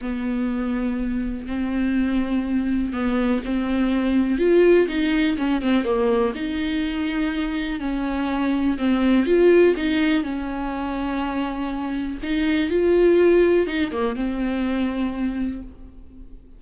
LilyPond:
\new Staff \with { instrumentName = "viola" } { \time 4/4 \tempo 4 = 123 b2. c'4~ | c'2 b4 c'4~ | c'4 f'4 dis'4 cis'8 c'8 | ais4 dis'2. |
cis'2 c'4 f'4 | dis'4 cis'2.~ | cis'4 dis'4 f'2 | dis'8 ais8 c'2. | }